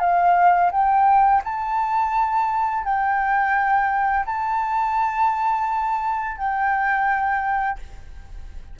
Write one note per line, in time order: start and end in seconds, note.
0.00 0.71 F5
0.72 1.42 G5
1.44 2.84 A5
2.84 4.25 G5
4.26 6.38 A5
6.38 7.79 G5